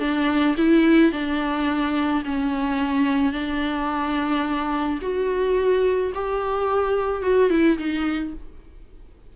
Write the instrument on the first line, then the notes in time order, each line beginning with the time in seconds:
viola
0.00 D4
0.58 E4
1.12 D4
2.25 C#4
3.33 D4
5.02 F#4
6.15 G4
7.23 F#4
7.50 E4
7.79 D#4